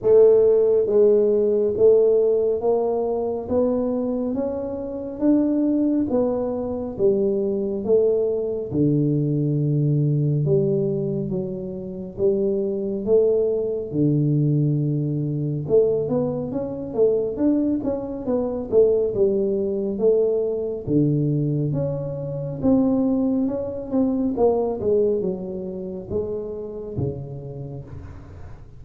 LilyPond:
\new Staff \with { instrumentName = "tuba" } { \time 4/4 \tempo 4 = 69 a4 gis4 a4 ais4 | b4 cis'4 d'4 b4 | g4 a4 d2 | g4 fis4 g4 a4 |
d2 a8 b8 cis'8 a8 | d'8 cis'8 b8 a8 g4 a4 | d4 cis'4 c'4 cis'8 c'8 | ais8 gis8 fis4 gis4 cis4 | }